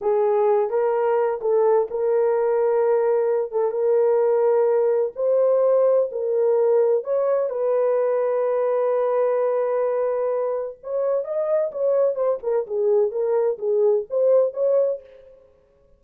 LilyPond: \new Staff \with { instrumentName = "horn" } { \time 4/4 \tempo 4 = 128 gis'4. ais'4. a'4 | ais'2.~ ais'8 a'8 | ais'2. c''4~ | c''4 ais'2 cis''4 |
b'1~ | b'2. cis''4 | dis''4 cis''4 c''8 ais'8 gis'4 | ais'4 gis'4 c''4 cis''4 | }